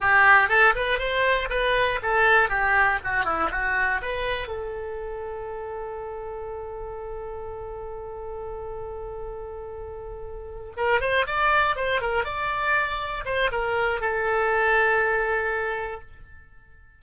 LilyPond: \new Staff \with { instrumentName = "oboe" } { \time 4/4 \tempo 4 = 120 g'4 a'8 b'8 c''4 b'4 | a'4 g'4 fis'8 e'8 fis'4 | b'4 a'2.~ | a'1~ |
a'1~ | a'4. ais'8 c''8 d''4 c''8 | ais'8 d''2 c''8 ais'4 | a'1 | }